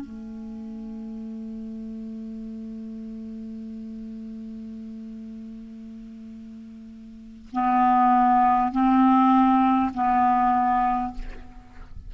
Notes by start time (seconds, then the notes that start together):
0.00 A3
7.52 B3
8.72 C4
9.94 B3